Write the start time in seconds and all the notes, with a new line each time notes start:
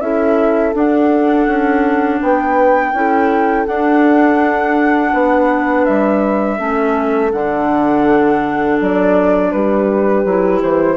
0.00 C#4 E4 A4 E5
0.73 D4 F#5
1.47 C#4
2.21 B3 B4 G5
2.93 C#4 E4 A4
3.66 D4 F#5
5.13 B3 B4
5.84 G3 E5
6.57 A3 C#4 A4
7.32 D3 D4 F#5
8.80 F#3 D5
9.51 G3 G4 B4
10.24 F#3 E4
10.62 E3 C5